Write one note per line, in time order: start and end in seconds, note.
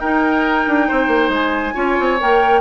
0.00 1.74 D#4
0.00 0.67 D#4
0.00 0.87 A#4
0.00 1.30 G5
0.67 0.89 D4
0.88 1.07 C4
0.88 1.74 C5
1.07 1.29 A#3
1.29 1.72 G#3
1.29 2.21 G#5
1.74 1.98 C#4
1.74 2.17 F4
1.74 2.60 C#5
1.99 2.21 C4
2.20 2.60 A#3
2.20 2.60 A#4
2.20 2.60 G5